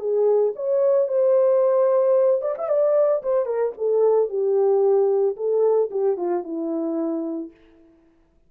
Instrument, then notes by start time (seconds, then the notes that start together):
horn
0.00 G#4
0.56 C#5
1.08 C5
2.42 D5
2.58 E5
2.69 D5
3.23 C5
3.46 A#4
3.78 A4
4.29 G4
5.37 A4
5.91 G4
6.17 F4
6.44 E4